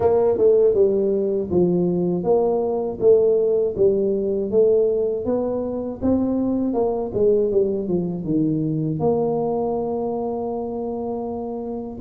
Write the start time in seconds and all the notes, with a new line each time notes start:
0.00 A#3
0.37 A3
0.74 G3
1.50 F3
2.23 A#3
3.00 A3
3.76 G3
4.50 A3
5.25 B3
6.01 C4
6.73 A#3
7.14 G#3
7.51 G3
7.88 F3
8.24 D#3
8.99 A#3